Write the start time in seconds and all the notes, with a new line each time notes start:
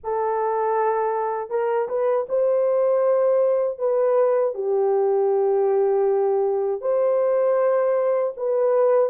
0.03 A4
1.50 A#4
1.88 B4
2.28 C5
3.78 B4
4.54 G4
6.81 C5
8.36 B4